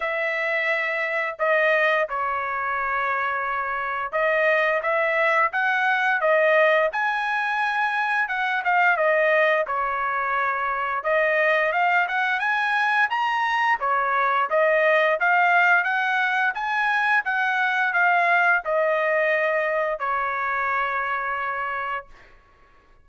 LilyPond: \new Staff \with { instrumentName = "trumpet" } { \time 4/4 \tempo 4 = 87 e''2 dis''4 cis''4~ | cis''2 dis''4 e''4 | fis''4 dis''4 gis''2 | fis''8 f''8 dis''4 cis''2 |
dis''4 f''8 fis''8 gis''4 ais''4 | cis''4 dis''4 f''4 fis''4 | gis''4 fis''4 f''4 dis''4~ | dis''4 cis''2. | }